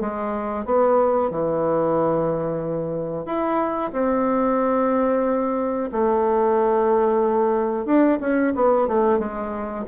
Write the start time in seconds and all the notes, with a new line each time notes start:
0.00 G#3
0.65 B3
1.30 E3
3.25 E4
3.92 C4
5.92 A3
7.85 D4
8.20 C#4
8.55 B3
8.87 A3
9.18 G#3